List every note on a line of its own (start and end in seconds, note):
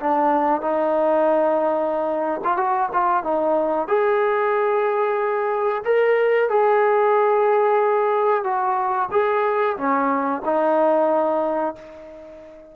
0.00 0.62 D4
0.62 2.41 D#4
2.44 2.57 F4
2.57 2.90 F#4
2.93 3.23 F4
3.23 3.88 D#4
3.88 5.84 G#4
5.85 6.50 A#4
6.50 8.44 G#4
8.44 9.09 F#4
9.11 9.76 G#4
9.77 10.42 C#4
10.45 11.76 D#4